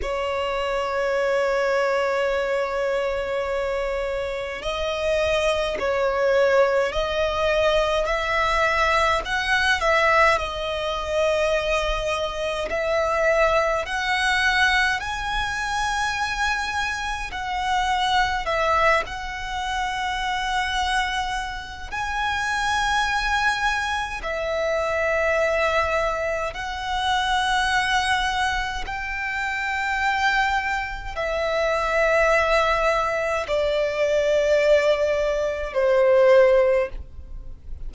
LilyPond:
\new Staff \with { instrumentName = "violin" } { \time 4/4 \tempo 4 = 52 cis''1 | dis''4 cis''4 dis''4 e''4 | fis''8 e''8 dis''2 e''4 | fis''4 gis''2 fis''4 |
e''8 fis''2~ fis''8 gis''4~ | gis''4 e''2 fis''4~ | fis''4 g''2 e''4~ | e''4 d''2 c''4 | }